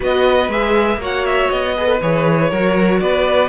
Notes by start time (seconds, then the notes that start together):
0.00 B3 F#4 B4 D#5
0.48 G#3 G#4 E5
0.97 A#3 F#4 C#5
1.04 F#5
1.25 E5
1.50 B3 D#5
1.76 G#4 B4
1.86 A4
2.01 E3 G#4 C#5
2.50 F#3 F#4 A#4
3.00 B3 B4 D5